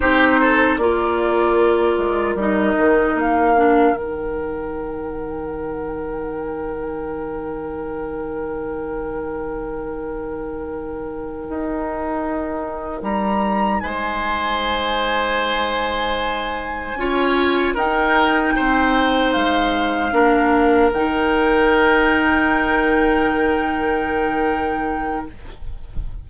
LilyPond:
<<
  \new Staff \with { instrumentName = "flute" } { \time 4/4 \tempo 4 = 76 c''4 d''2 dis''4 | f''4 g''2.~ | g''1~ | g''1~ |
g''8 ais''4 gis''2~ gis''8~ | gis''2~ gis''8 g''4.~ | g''8 f''2 g''4.~ | g''1 | }
  \new Staff \with { instrumentName = "oboe" } { \time 4/4 g'8 a'8 ais'2.~ | ais'1~ | ais'1~ | ais'1~ |
ais'4. c''2~ c''8~ | c''4. cis''4 ais'4 c''8~ | c''4. ais'2~ ais'8~ | ais'1 | }
  \new Staff \with { instrumentName = "clarinet" } { \time 4/4 dis'4 f'2 dis'4~ | dis'8 d'8 dis'2.~ | dis'1~ | dis'1~ |
dis'1~ | dis'4. f'4 dis'4.~ | dis'4. d'4 dis'4.~ | dis'1 | }
  \new Staff \with { instrumentName = "bassoon" } { \time 4/4 c'4 ais4. gis8 g8 dis8 | ais4 dis2.~ | dis1~ | dis2~ dis8 dis'4.~ |
dis'8 g4 gis2~ gis8~ | gis4. cis'4 dis'4 c'8~ | c'8 gis4 ais4 dis4.~ | dis1 | }
>>